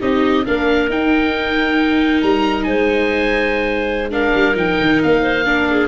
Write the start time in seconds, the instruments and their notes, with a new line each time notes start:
0.00 tuba C4, viola D#4, clarinet G4, oboe D#5
0.46 tuba A#3, viola D4, clarinet A#4, oboe F5
0.90 tuba D#4, viola D#4, oboe G5
2.22 tuba G3, oboe A#5
2.64 tuba G#3, clarinet C5, oboe G#5
4.11 viola D4, clarinet A#4, oboe F5
4.35 tuba G3
4.55 tuba F3, viola D#4, oboe G5
4.81 tuba D#3
5.03 tuba A#3, oboe F5
5.22 clarinet C5
5.46 viola D4, clarinet A#4
5.70 clarinet G#4